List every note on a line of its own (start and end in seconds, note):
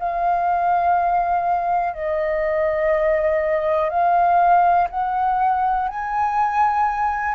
0.00 1.94 F5
1.94 3.90 D#5
3.90 4.88 F5
4.90 5.89 F#5
5.89 7.35 G#5